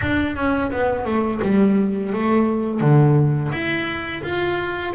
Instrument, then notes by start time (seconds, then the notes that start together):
double bass
0.01 D4
0.36 C#4
0.71 B3
1.05 A3
1.42 G3
2.12 A3
2.80 D3
3.51 E4
4.23 F4